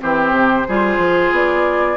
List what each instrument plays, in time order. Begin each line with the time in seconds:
0.00 bassoon E3, clarinet C4, oboe G4, flute C5
0.32 bassoon C3
0.68 bassoon G3, clarinet F4, oboe G#4
0.98 bassoon F3
1.32 bassoon B3, flute D5